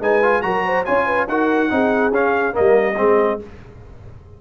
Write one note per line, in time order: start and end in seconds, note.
0.00 0.43 G#3
0.00 0.23 D#4
0.00 0.44 B4
0.00 0.42 G#5
0.23 0.42 F4
0.42 0.86 F#3
0.42 0.85 F#4
0.42 0.65 A#4
0.42 0.85 A#5
0.65 0.86 C5
0.85 1.28 C#4
0.85 1.28 F4
0.85 1.06 C#5
0.85 1.27 G#5
1.06 1.28 B4
1.28 1.70 D#4
1.28 1.70 F#4
1.28 1.72 A#4
1.28 2.13 F#5
1.70 2.11 C4
1.70 2.12 D#4
1.70 2.55 G#4
2.11 2.53 C#4
2.11 2.52 C#4
2.11 2.55 F5
2.52 2.95 A#3
2.52 2.97 A#4
2.52 3.41 D#5
2.59 2.98 G3
2.97 3.40 G#3
2.97 3.39 C4
2.97 3.41 G#4